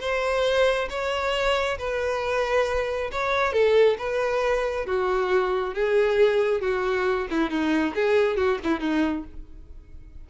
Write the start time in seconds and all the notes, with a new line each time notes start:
0.00 C5
0.89 C#5
1.78 B4
3.12 C#5
3.52 A4
3.98 B4
4.86 F#4
5.74 G#4
6.61 F#4
7.30 E4
7.50 D#4
7.95 G#4
8.36 F#4
8.64 E4
8.80 D#4